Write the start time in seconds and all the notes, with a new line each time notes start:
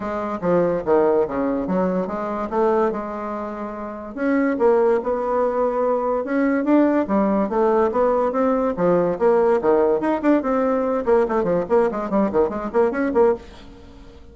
0.00 G#3
0.41 F3
0.85 D#3
1.27 C#3
1.67 F#3
2.07 G#3
2.50 A3
2.91 G#3
4.15 C#4
4.58 A#3
5.03 B3
6.24 C#4
6.64 D4
7.07 G3
7.49 A3
7.91 B3
8.32 C4
8.76 F3
9.18 A#3
9.61 D#3
10.00 D#4
10.22 D4
10.42 C4
11.05 A#3
11.28 A3
11.43 F3
11.69 A#3
11.91 G#3
12.09 G3
12.32 D#3
12.49 G#3
12.73 A#3
12.91 C#4
13.14 A#3